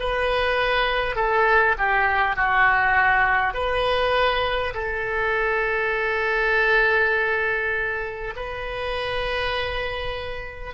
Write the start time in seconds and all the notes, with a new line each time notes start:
0.00 B4
1.16 A4
1.78 G4
2.36 F#4
3.54 B4
4.74 A4
8.36 B4